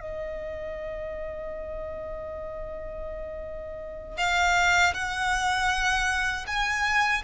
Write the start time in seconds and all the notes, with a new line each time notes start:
0.00 D#5
4.17 F5
4.94 F#5
6.47 G#5